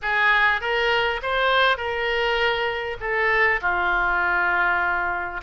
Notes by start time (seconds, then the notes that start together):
0.02 G#4
0.60 A#4
1.22 C5
1.77 A#4
3.00 A4
3.61 F4